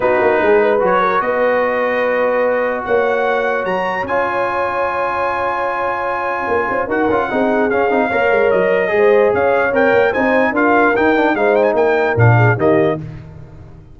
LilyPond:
<<
  \new Staff \with { instrumentName = "trumpet" } { \time 4/4 \tempo 4 = 148 b'2 cis''4 dis''4~ | dis''2. fis''4~ | fis''4 ais''4 gis''2~ | gis''1~ |
gis''4 fis''2 f''4~ | f''4 dis''2 f''4 | g''4 gis''4 f''4 g''4 | f''8 g''16 gis''16 g''4 f''4 dis''4 | }
  \new Staff \with { instrumentName = "horn" } { \time 4/4 fis'4 gis'8 b'4 ais'8 b'4~ | b'2. cis''4~ | cis''1~ | cis''1~ |
cis''8 c''8 ais'4 gis'2 | cis''2 c''4 cis''4~ | cis''4 c''4 ais'2 | c''4 ais'4. gis'8 g'4 | }
  \new Staff \with { instrumentName = "trombone" } { \time 4/4 dis'2 fis'2~ | fis'1~ | fis'2 f'2~ | f'1~ |
f'4 fis'8 f'8 dis'4 cis'8 dis'8 | ais'2 gis'2 | ais'4 dis'4 f'4 dis'8 d'8 | dis'2 d'4 ais4 | }
  \new Staff \with { instrumentName = "tuba" } { \time 4/4 b8 ais8 gis4 fis4 b4~ | b2. ais4~ | ais4 fis4 cis'2~ | cis'1 |
ais8 cis'8 dis'8 cis'8 c'4 cis'8 c'8 | ais8 gis8 fis4 gis4 cis'4 | c'8 ais8 c'4 d'4 dis'4 | gis4 ais4 ais,4 dis4 | }
>>